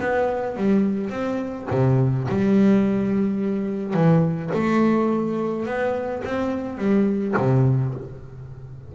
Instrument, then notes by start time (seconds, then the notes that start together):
double bass
0.00 B3
0.57 G3
1.10 C4
1.71 C3
2.28 G3
3.93 E3
4.54 A3
5.66 B3
6.24 C4
6.78 G3
7.37 C3